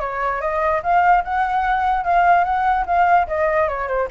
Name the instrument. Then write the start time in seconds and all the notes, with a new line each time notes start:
flute
0.00 C#5
0.41 D#5
0.83 F5
1.24 F#5
2.04 F5
2.44 F#5
2.86 F5
3.27 D#5
3.68 C#5
3.88 C5